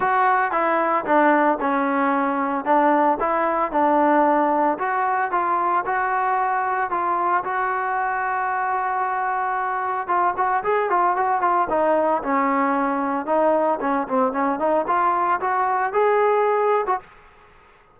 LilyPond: \new Staff \with { instrumentName = "trombone" } { \time 4/4 \tempo 4 = 113 fis'4 e'4 d'4 cis'4~ | cis'4 d'4 e'4 d'4~ | d'4 fis'4 f'4 fis'4~ | fis'4 f'4 fis'2~ |
fis'2. f'8 fis'8 | gis'8 f'8 fis'8 f'8 dis'4 cis'4~ | cis'4 dis'4 cis'8 c'8 cis'8 dis'8 | f'4 fis'4 gis'4.~ gis'16 fis'16 | }